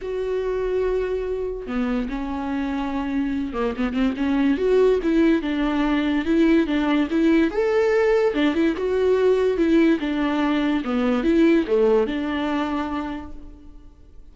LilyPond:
\new Staff \with { instrumentName = "viola" } { \time 4/4 \tempo 4 = 144 fis'1 | b4 cis'2.~ | cis'8 ais8 b8 c'8 cis'4 fis'4 | e'4 d'2 e'4 |
d'4 e'4 a'2 | d'8 e'8 fis'2 e'4 | d'2 b4 e'4 | a4 d'2. | }